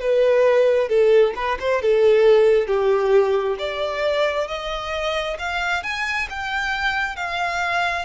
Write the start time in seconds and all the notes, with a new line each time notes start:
0.00 B4
0.88 A4
1.35 B4
1.59 C5
1.82 A4
2.67 G4
3.59 D5
4.47 D#5
5.39 F5
5.83 G#5
6.29 G5
7.16 F5